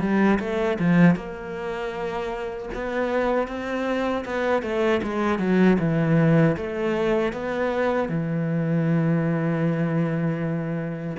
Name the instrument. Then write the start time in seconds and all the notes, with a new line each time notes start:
cello
0.00 G3
0.39 A3
0.79 F3
1.15 A#3
2.74 B3
3.47 C4
4.25 B3
4.62 A3
5.02 G#3
5.39 F#3
5.79 E3
6.57 A3
7.33 B3
8.09 E3